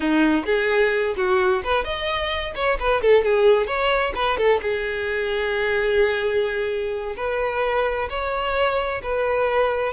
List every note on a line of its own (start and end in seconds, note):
0.00 0.44 D#4
0.45 1.15 G#4
1.16 1.62 F#4
1.63 1.84 B4
1.84 2.53 D#5
2.55 2.78 C#5
2.79 3.01 B4
3.01 3.24 A4
3.24 3.67 G#4
3.67 4.13 C#5
4.15 4.37 B4
4.37 4.60 A4
4.62 7.15 G#4
7.16 8.08 B4
8.09 9.01 C#5
9.03 9.92 B4